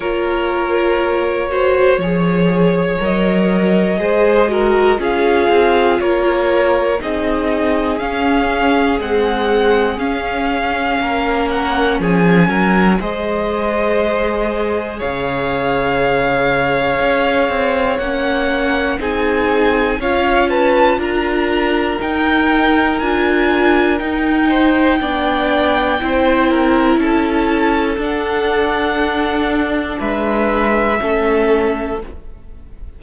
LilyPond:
<<
  \new Staff \with { instrumentName = "violin" } { \time 4/4 \tempo 4 = 60 cis''2. dis''4~ | dis''4 f''4 cis''4 dis''4 | f''4 fis''4 f''4. fis''8 | gis''4 dis''2 f''4~ |
f''2 fis''4 gis''4 | f''8 a''8 ais''4 g''4 gis''4 | g''2. a''4 | fis''2 e''2 | }
  \new Staff \with { instrumentName = "violin" } { \time 4/4 ais'4. c''8 cis''2 | c''8 ais'8 gis'4 ais'4 gis'4~ | gis'2. ais'4 | gis'8 ais'8 c''2 cis''4~ |
cis''2. gis'4 | cis''8 b'8 ais'2.~ | ais'8 c''8 d''4 c''8 ais'8 a'4~ | a'2 b'4 a'4 | }
  \new Staff \with { instrumentName = "viola" } { \time 4/4 f'4. fis'8 gis'4 ais'4 | gis'8 fis'8 f'2 dis'4 | cis'4 gis4 cis'2~ | cis'4 gis'2.~ |
gis'2 cis'4 dis'4 | f'2 dis'4 f'4 | dis'4 d'4 e'2 | d'2. cis'4 | }
  \new Staff \with { instrumentName = "cello" } { \time 4/4 ais2 f4 fis4 | gis4 cis'8 c'8 ais4 c'4 | cis'4 c'4 cis'4 ais4 | f8 fis8 gis2 cis4~ |
cis4 cis'8 c'8 ais4 c'4 | cis'4 d'4 dis'4 d'4 | dis'4 b4 c'4 cis'4 | d'2 gis4 a4 | }
>>